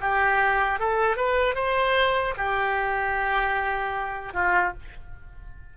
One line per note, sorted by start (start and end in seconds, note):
0.00 0.79 G4
0.79 1.16 A4
1.16 1.55 B4
1.55 2.34 C5
2.37 4.33 G4
4.33 4.73 F4